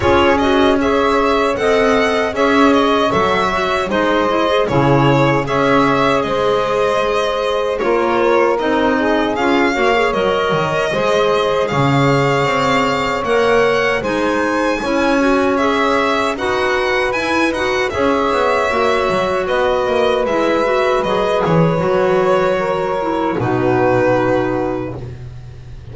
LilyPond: <<
  \new Staff \with { instrumentName = "violin" } { \time 4/4 \tempo 4 = 77 cis''8 dis''8 e''4 fis''4 e''8 dis''8 | e''4 dis''4 cis''4 e''4 | dis''2 cis''4 dis''4 | f''4 dis''2 f''4~ |
f''4 fis''4 gis''2 | e''4 fis''4 gis''8 fis''8 e''4~ | e''4 dis''4 e''4 dis''8 cis''8~ | cis''2 b'2 | }
  \new Staff \with { instrumentName = "saxophone" } { \time 4/4 gis'4 cis''4 dis''4 cis''4~ | cis''4 c''4 gis'4 cis''4 | c''2 ais'4. gis'8~ | gis'8 cis''4. c''4 cis''4~ |
cis''2 c''4 cis''4~ | cis''4 b'2 cis''4~ | cis''4 b'2.~ | b'4 ais'4 fis'2 | }
  \new Staff \with { instrumentName = "clarinet" } { \time 4/4 f'8 fis'8 gis'4 a'4 gis'4 | a'8 fis'8 dis'8 e'16 gis'16 e'4 gis'4~ | gis'2 f'4 dis'4 | f'8 fis'16 gis'16 ais'4 gis'2~ |
gis'4 ais'4 dis'4 e'8 fis'8 | gis'4 fis'4 e'8 fis'8 gis'4 | fis'2 e'8 fis'8 gis'4 | fis'4. e'8 dis'2 | }
  \new Staff \with { instrumentName = "double bass" } { \time 4/4 cis'2 c'4 cis'4 | fis4 gis4 cis4 cis'4 | gis2 ais4 c'4 | cis'8 ais8 fis8 dis8 gis4 cis4 |
c'4 ais4 gis4 cis'4~ | cis'4 dis'4 e'8 dis'8 cis'8 b8 | ais8 fis8 b8 ais8 gis4 fis8 e8 | fis2 b,2 | }
>>